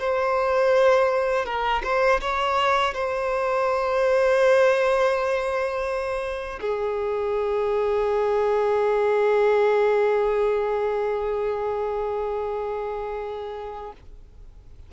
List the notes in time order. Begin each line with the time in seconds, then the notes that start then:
0.00 C5
1.46 A#4
1.84 C5
2.22 C#5
2.94 C5
6.61 G#4